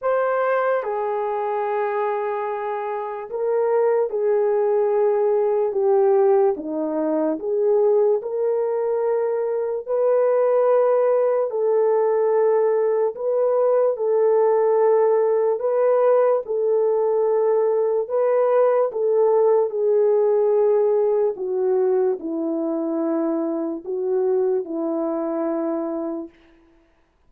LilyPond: \new Staff \with { instrumentName = "horn" } { \time 4/4 \tempo 4 = 73 c''4 gis'2. | ais'4 gis'2 g'4 | dis'4 gis'4 ais'2 | b'2 a'2 |
b'4 a'2 b'4 | a'2 b'4 a'4 | gis'2 fis'4 e'4~ | e'4 fis'4 e'2 | }